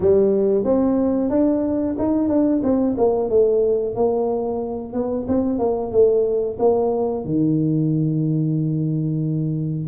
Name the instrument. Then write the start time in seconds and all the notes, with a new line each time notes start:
tuba
0.00 G3
0.64 C4
1.30 D4
1.98 D#4
2.29 D4
2.63 C4
2.97 A#3
3.29 A3
3.95 A#3
4.93 B3
5.27 C4
5.58 A#3
5.91 A3
6.58 A#3
7.25 D#3